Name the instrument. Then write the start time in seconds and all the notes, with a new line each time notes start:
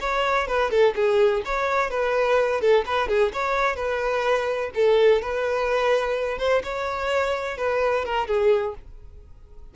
violin
0.00 C#5
0.47 B4
0.70 A4
0.95 G#4
1.45 C#5
1.90 B4
2.61 A4
2.86 B4
3.08 G#4
3.33 C#5
3.76 B4
4.74 A4
5.22 B4
6.38 C5
6.63 C#5
7.57 B4
8.05 A#4
8.27 G#4